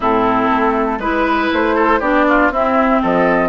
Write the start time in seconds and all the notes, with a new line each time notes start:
0.00 A2 C4 E4 A4
0.50 A3
0.98 G#3 E4 B4
1.52 A3 C5
1.75 A4
1.99 B3 D4 G4 D5
2.28 F4
2.50 C4 E4 E5
3.01 F3 A4 D#5